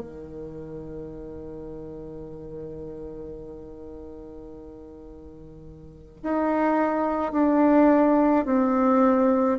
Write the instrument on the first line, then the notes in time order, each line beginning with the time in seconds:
bassoon
0.00 D#3
6.24 D#4
7.33 D4
8.45 C4